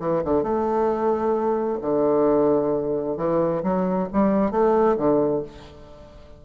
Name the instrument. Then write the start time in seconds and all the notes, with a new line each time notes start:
bassoon
0.00 E3
0.25 D3
0.43 A3
1.82 D3
3.17 E3
3.63 F#3
4.13 G3
4.52 A3
4.97 D3